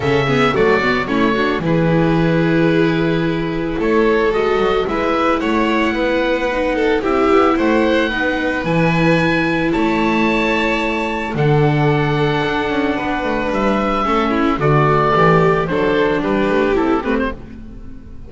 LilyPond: <<
  \new Staff \with { instrumentName = "oboe" } { \time 4/4 \tempo 4 = 111 e''4 d''4 cis''4 b'4~ | b'2. cis''4 | dis''4 e''4 fis''2~ | fis''4 e''4 fis''2 |
gis''2 a''2~ | a''4 fis''2.~ | fis''4 e''2 d''4~ | d''4 c''4 b'4 a'8 b'16 c''16 | }
  \new Staff \with { instrumentName = "violin" } { \time 4/4 a'8 gis'8 fis'4 e'8 fis'8 gis'4~ | gis'2. a'4~ | a'4 b'4 cis''4 b'4~ | b'8 a'8 g'4 c''4 b'4~ |
b'2 cis''2~ | cis''4 a'2. | b'2 a'8 e'8 fis'4 | g'4 a'4 g'2 | }
  \new Staff \with { instrumentName = "viola" } { \time 4/4 cis'8 b8 a8 b8 cis'8 d'8 e'4~ | e'1 | fis'4 e'2. | dis'4 e'2 dis'4 |
e'1~ | e'4 d'2.~ | d'2 cis'4 a4~ | a4 d'2 e'8 c'8 | }
  \new Staff \with { instrumentName = "double bass" } { \time 4/4 cis4 fis4 a4 e4~ | e2. a4 | gis8 fis8 gis4 a4 b4~ | b4 c'8 b8 a4 b4 |
e2 a2~ | a4 d2 d'8 cis'8 | b8 a8 g4 a4 d4 | e4 fis4 g8 a8 c'8 a8 | }
>>